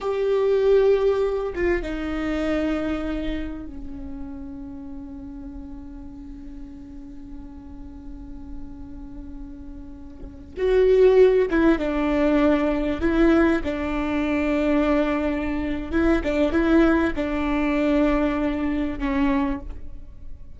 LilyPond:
\new Staff \with { instrumentName = "viola" } { \time 4/4 \tempo 4 = 98 g'2~ g'8 f'8 dis'4~ | dis'2 cis'2~ | cis'1~ | cis'1~ |
cis'4~ cis'16 fis'4. e'8 d'8.~ | d'4~ d'16 e'4 d'4.~ d'16~ | d'2 e'8 d'8 e'4 | d'2. cis'4 | }